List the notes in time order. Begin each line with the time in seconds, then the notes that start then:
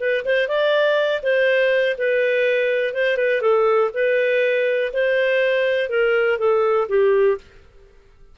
0.00 B4
0.25 C5
0.48 D5
1.23 C5
1.98 B4
2.94 C5
3.17 B4
3.42 A4
3.94 B4
4.93 C5
5.89 A#4
6.39 A4
6.89 G4